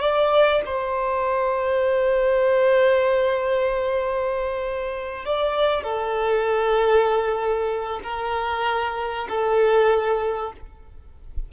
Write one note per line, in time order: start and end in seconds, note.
0.00 0.62 D5
0.66 5.25 C5
5.25 5.83 D5
5.83 8.00 A4
8.04 9.27 A#4
9.29 10.52 A4